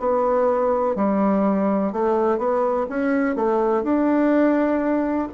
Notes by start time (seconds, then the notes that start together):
0.00 B3
0.96 G3
1.93 A3
2.38 B3
2.90 C#4
3.36 A3
3.84 D4